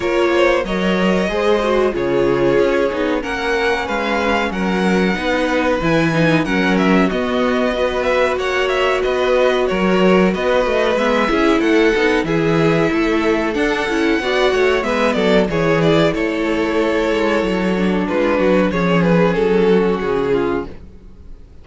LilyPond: <<
  \new Staff \with { instrumentName = "violin" } { \time 4/4 \tempo 4 = 93 cis''4 dis''2 cis''4~ | cis''4 fis''4 f''4 fis''4~ | fis''4 gis''4 fis''8 e''8 dis''4~ | dis''8 e''8 fis''8 e''8 dis''4 cis''4 |
dis''4 e''4 fis''4 e''4~ | e''4 fis''2 e''8 d''8 | cis''8 d''8 cis''2. | b'4 cis''8 b'8 a'4 gis'4 | }
  \new Staff \with { instrumentName = "violin" } { \time 4/4 ais'8 c''8 cis''4 c''4 gis'4~ | gis'4 ais'4 b'4 ais'4 | b'2 ais'4 fis'4 | b'4 cis''4 b'4 ais'4 |
b'4. gis'8 a'4 gis'4 | a'2 d''8 cis''8 b'8 a'8 | gis'4 a'2. | f'8 fis'8 gis'4. fis'4 f'8 | }
  \new Staff \with { instrumentName = "viola" } { \time 4/4 f'4 ais'4 gis'8 fis'8 f'4~ | f'8 dis'8 cis'2. | dis'4 e'8 dis'8 cis'4 b4 | fis'1~ |
fis'4 b8 e'4 dis'8 e'4~ | e'4 d'8 e'8 fis'4 b4 | e'2.~ e'8 d'8~ | d'4 cis'2. | }
  \new Staff \with { instrumentName = "cello" } { \time 4/4 ais4 fis4 gis4 cis4 | cis'8 b8 ais4 gis4 fis4 | b4 e4 fis4 b4~ | b4 ais4 b4 fis4 |
b8 a8 gis8 cis'8 a8 b8 e4 | a4 d'8 cis'8 b8 a8 gis8 fis8 | e4 a4. gis8 fis4 | gis8 fis8 f4 fis4 cis4 | }
>>